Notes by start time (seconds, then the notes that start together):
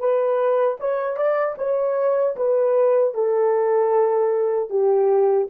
0.00 B4
0.80 C#5
1.17 D5
1.58 C#5
2.37 B4
3.15 A4
4.70 G4